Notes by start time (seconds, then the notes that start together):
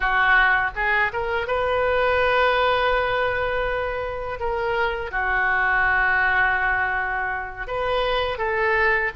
0.00 F#4
0.75 G#4
1.12 A#4
1.47 B4
4.39 A#4
5.11 F#4
7.67 B4
8.37 A4